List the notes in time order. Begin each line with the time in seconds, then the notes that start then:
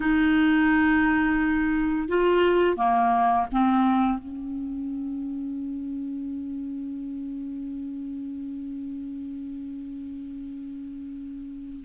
0.00 D#4
2.08 F4
2.76 A#3
3.52 C4
4.18 C#4